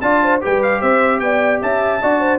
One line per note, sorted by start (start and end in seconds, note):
0.00 0.41 D4
0.00 0.41 F4
0.00 0.23 D5
0.00 0.40 A5
0.23 0.43 C5
0.41 0.81 G3
0.41 2.01 G4
0.41 0.80 B4
0.41 0.62 G5
0.62 0.81 F5
0.80 1.20 C4
0.80 1.20 C5
0.80 1.20 E5
1.20 1.60 B3
1.20 1.62 D5
1.20 1.60 G5
1.62 2.02 C#4
1.62 2.02 E5
1.62 2.39 A5
2.02 2.39 D4
2.02 2.39 F#4
2.02 2.20 D5
2.20 2.39 C5